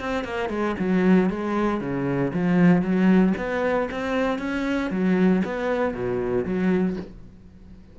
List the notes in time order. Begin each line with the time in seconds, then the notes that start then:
0.00 C4
0.24 A#3
0.49 G#3
0.79 F#3
1.29 G#3
1.80 C#3
2.33 F3
2.81 F#3
3.37 B3
3.91 C4
4.38 C#4
4.90 F#3
5.44 B3
5.94 B2
6.45 F#3